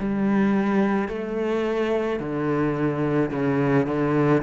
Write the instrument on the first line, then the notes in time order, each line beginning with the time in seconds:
cello
0.00 G3
1.09 A3
2.20 D3
3.31 C#3
3.87 D3